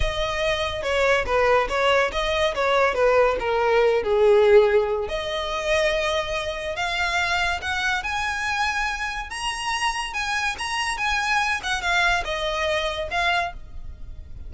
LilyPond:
\new Staff \with { instrumentName = "violin" } { \time 4/4 \tempo 4 = 142 dis''2 cis''4 b'4 | cis''4 dis''4 cis''4 b'4 | ais'4. gis'2~ gis'8 | dis''1 |
f''2 fis''4 gis''4~ | gis''2 ais''2 | gis''4 ais''4 gis''4. fis''8 | f''4 dis''2 f''4 | }